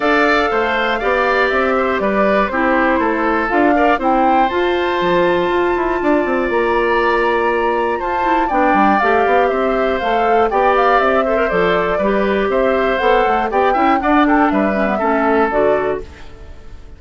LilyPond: <<
  \new Staff \with { instrumentName = "flute" } { \time 4/4 \tempo 4 = 120 f''2. e''4 | d''4 c''2 f''4 | g''4 a''2.~ | a''4 ais''2. |
a''4 g''4 f''4 e''4 | f''4 g''8 f''8 e''4 d''4~ | d''4 e''4 fis''4 g''4 | fis''8 g''8 e''2 d''4 | }
  \new Staff \with { instrumentName = "oboe" } { \time 4/4 d''4 c''4 d''4. c''8 | b'4 g'4 a'4. d''8 | c''1 | d''1 |
c''4 d''2 c''4~ | c''4 d''4. c''4. | b'4 c''2 d''8 e''8 | d''8 a'8 b'4 a'2 | }
  \new Staff \with { instrumentName = "clarinet" } { \time 4/4 a'2 g'2~ | g'4 e'2 f'8 ais'8 | e'4 f'2.~ | f'1~ |
f'8 e'8 d'4 g'2 | a'4 g'4. a'16 ais'16 a'4 | g'2 a'4 g'8 e'8 | d'4. cis'16 b16 cis'4 fis'4 | }
  \new Staff \with { instrumentName = "bassoon" } { \time 4/4 d'4 a4 b4 c'4 | g4 c'4 a4 d'4 | c'4 f'4 f4 f'8 e'8 | d'8 c'8 ais2. |
f'4 b8 g8 a8 b8 c'4 | a4 b4 c'4 f4 | g4 c'4 b8 a8 b8 cis'8 | d'4 g4 a4 d4 | }
>>